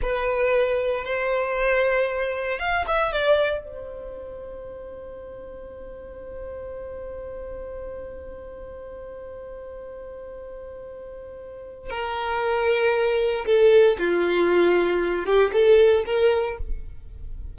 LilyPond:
\new Staff \with { instrumentName = "violin" } { \time 4/4 \tempo 4 = 116 b'2 c''2~ | c''4 f''8 e''8 d''4 c''4~ | c''1~ | c''1~ |
c''1~ | c''2. ais'4~ | ais'2 a'4 f'4~ | f'4. g'8 a'4 ais'4 | }